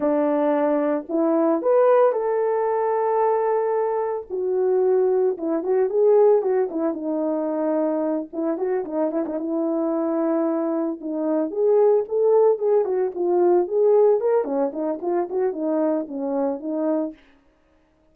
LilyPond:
\new Staff \with { instrumentName = "horn" } { \time 4/4 \tempo 4 = 112 d'2 e'4 b'4 | a'1 | fis'2 e'8 fis'8 gis'4 | fis'8 e'8 dis'2~ dis'8 e'8 |
fis'8 dis'8 e'16 dis'16 e'2~ e'8~ | e'8 dis'4 gis'4 a'4 gis'8 | fis'8 f'4 gis'4 ais'8 cis'8 dis'8 | f'8 fis'8 dis'4 cis'4 dis'4 | }